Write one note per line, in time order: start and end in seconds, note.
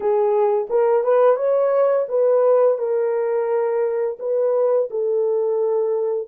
0.00 0.67 G#4
0.69 1.03 A#4
1.03 1.36 B4
1.36 2.06 C#5
2.08 2.77 B4
2.77 4.17 A#4
4.19 4.88 B4
4.90 6.28 A4